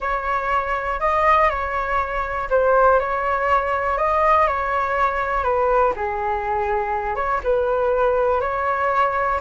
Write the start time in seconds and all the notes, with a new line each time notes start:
0.00 C#5
1.00 D#5
1.49 C#5
2.50 C5
2.99 C#5
3.97 D#5
4.47 C#5
5.43 B4
5.95 G#4
7.15 C#5
7.43 B4
8.40 C#5